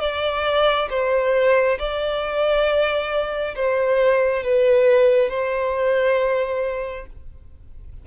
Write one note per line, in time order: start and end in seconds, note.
0.00 0.88 D5
0.89 1.78 C5
1.78 3.55 D5
3.55 4.43 C5
4.43 5.29 B4
5.29 7.06 C5